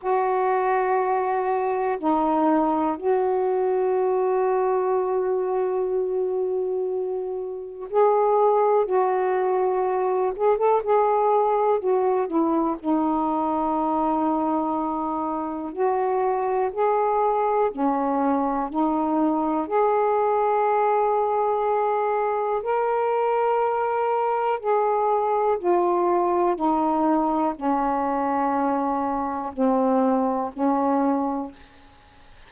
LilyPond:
\new Staff \with { instrumentName = "saxophone" } { \time 4/4 \tempo 4 = 61 fis'2 dis'4 fis'4~ | fis'1 | gis'4 fis'4. gis'16 a'16 gis'4 | fis'8 e'8 dis'2. |
fis'4 gis'4 cis'4 dis'4 | gis'2. ais'4~ | ais'4 gis'4 f'4 dis'4 | cis'2 c'4 cis'4 | }